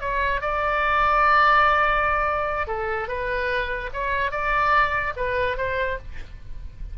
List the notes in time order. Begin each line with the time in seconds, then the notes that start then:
0.00 C#5
0.41 D5
2.67 A4
3.08 B4
3.93 C#5
4.31 D5
5.16 B4
5.57 C5